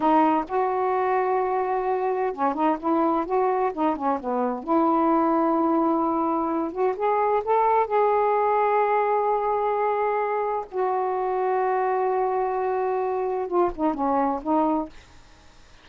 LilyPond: \new Staff \with { instrumentName = "saxophone" } { \time 4/4 \tempo 4 = 129 dis'4 fis'2.~ | fis'4 cis'8 dis'8 e'4 fis'4 | dis'8 cis'8 b4 e'2~ | e'2~ e'8 fis'8 gis'4 |
a'4 gis'2.~ | gis'2. fis'4~ | fis'1~ | fis'4 f'8 dis'8 cis'4 dis'4 | }